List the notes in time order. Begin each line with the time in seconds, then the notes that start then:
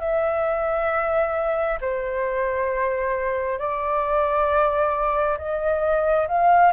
0.00 E5
1.81 C5
3.59 D5
5.38 D#5
6.28 F5